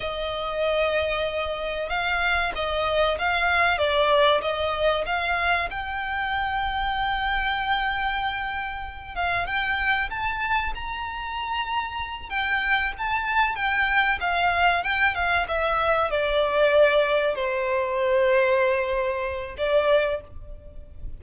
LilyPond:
\new Staff \with { instrumentName = "violin" } { \time 4/4 \tempo 4 = 95 dis''2. f''4 | dis''4 f''4 d''4 dis''4 | f''4 g''2.~ | g''2~ g''8 f''8 g''4 |
a''4 ais''2~ ais''8 g''8~ | g''8 a''4 g''4 f''4 g''8 | f''8 e''4 d''2 c''8~ | c''2. d''4 | }